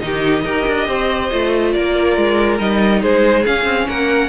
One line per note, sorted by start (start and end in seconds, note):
0.00 0.45 D#3
0.00 0.44 D#4
0.00 0.44 G4
0.00 1.71 D#5
0.44 0.66 D#4
0.44 1.32 G4
0.44 0.87 A#4
0.68 0.88 D4
0.88 1.31 C4
0.88 1.74 C5
1.32 1.75 A3
1.32 2.59 F4
1.73 2.17 A#3
1.73 3.02 A#4
1.73 2.59 D5
2.17 2.60 G#3
2.59 3.03 G3
2.59 3.45 D#4
2.59 3.02 D#5
3.02 3.46 G#3
3.02 3.87 G#4
3.02 3.46 C5
3.46 3.64 C#4
3.46 4.29 C#4
3.46 3.88 F5
3.64 3.86 C4
3.89 4.29 A#3
3.89 4.29 A#4
3.89 4.29 F#5